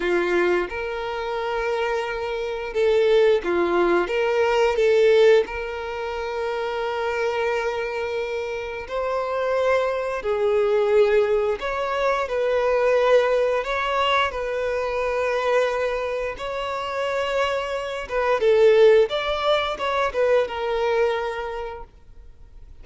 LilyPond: \new Staff \with { instrumentName = "violin" } { \time 4/4 \tempo 4 = 88 f'4 ais'2. | a'4 f'4 ais'4 a'4 | ais'1~ | ais'4 c''2 gis'4~ |
gis'4 cis''4 b'2 | cis''4 b'2. | cis''2~ cis''8 b'8 a'4 | d''4 cis''8 b'8 ais'2 | }